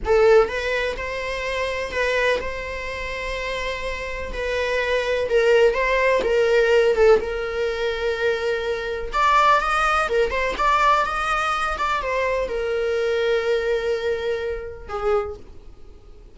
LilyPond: \new Staff \with { instrumentName = "viola" } { \time 4/4 \tempo 4 = 125 a'4 b'4 c''2 | b'4 c''2.~ | c''4 b'2 ais'4 | c''4 ais'4. a'8 ais'4~ |
ais'2. d''4 | dis''4 ais'8 c''8 d''4 dis''4~ | dis''8 d''8 c''4 ais'2~ | ais'2. gis'4 | }